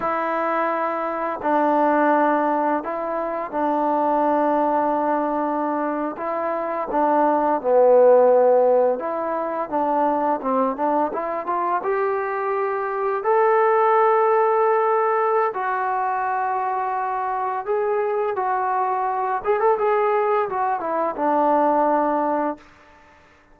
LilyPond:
\new Staff \with { instrumentName = "trombone" } { \time 4/4 \tempo 4 = 85 e'2 d'2 | e'4 d'2.~ | d'8. e'4 d'4 b4~ b16~ | b8. e'4 d'4 c'8 d'8 e'16~ |
e'16 f'8 g'2 a'4~ a'16~ | a'2 fis'2~ | fis'4 gis'4 fis'4. gis'16 a'16 | gis'4 fis'8 e'8 d'2 | }